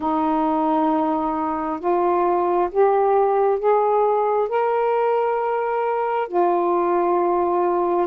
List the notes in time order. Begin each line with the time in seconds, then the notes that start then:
0.00 D#4
1.79 F4
2.71 G4
3.59 G#4
4.49 A#4
6.28 F4